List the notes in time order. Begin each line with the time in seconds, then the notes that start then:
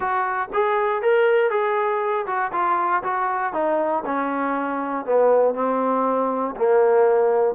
0.00 F#4
0.53 G#4
1.02 A#4
1.50 G#4
2.26 F#4
2.52 F4
3.03 F#4
3.53 D#4
4.05 C#4
5.05 B3
5.54 C4
6.56 A#3